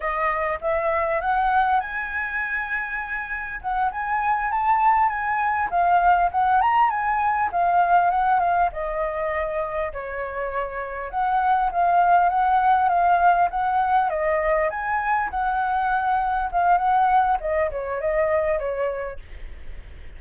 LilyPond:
\new Staff \with { instrumentName = "flute" } { \time 4/4 \tempo 4 = 100 dis''4 e''4 fis''4 gis''4~ | gis''2 fis''8 gis''4 a''8~ | a''8 gis''4 f''4 fis''8 ais''8 gis''8~ | gis''8 f''4 fis''8 f''8 dis''4.~ |
dis''8 cis''2 fis''4 f''8~ | f''8 fis''4 f''4 fis''4 dis''8~ | dis''8 gis''4 fis''2 f''8 | fis''4 dis''8 cis''8 dis''4 cis''4 | }